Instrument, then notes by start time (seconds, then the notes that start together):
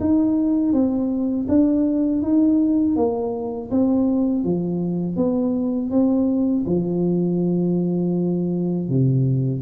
tuba
0.00 D#4
0.73 C4
1.48 D4
2.22 D#4
2.96 A#3
3.71 C4
4.44 F3
5.16 B3
5.91 C4
6.66 F3
8.89 C3